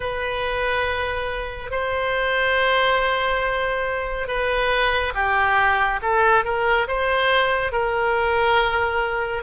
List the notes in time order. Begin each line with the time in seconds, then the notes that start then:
0.00 B4
1.70 C5
4.27 B4
5.14 G4
6.02 A4
6.44 A#4
6.87 C5
7.71 A#4